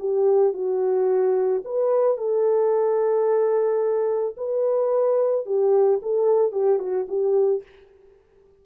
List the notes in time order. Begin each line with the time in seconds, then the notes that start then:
0.00 G4
0.54 F#4
1.65 B4
2.18 A4
4.38 B4
5.46 G4
6.03 A4
6.52 G4
6.80 F#4
7.09 G4